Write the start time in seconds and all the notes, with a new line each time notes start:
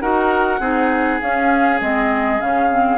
0.00 D#4 F#4 A#4 F#5
0.59 C4 D#4 G#4
1.21 C#4 F5
1.80 G#3 C4 D#5
2.40 C#3 C#4 F5
2.70 C4